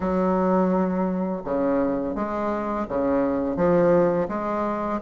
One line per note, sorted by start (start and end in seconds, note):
0.00 1.42 F#3
1.44 2.15 C#3
2.15 2.86 G#3
2.88 3.56 C#3
3.56 4.27 F3
4.28 5.00 G#3